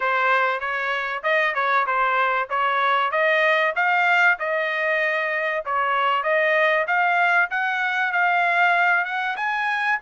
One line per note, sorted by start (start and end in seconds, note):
0.00 0.60 C5
0.60 1.22 C#5
1.23 1.54 D#5
1.54 1.86 C#5
1.86 2.48 C5
2.49 3.11 C#5
3.11 3.73 D#5
3.75 4.38 F5
4.39 5.64 D#5
5.65 6.23 C#5
6.23 6.86 D#5
6.87 7.49 F5
7.50 8.12 F#5
8.12 9.04 F5
9.04 9.36 F#5
9.36 9.98 G#5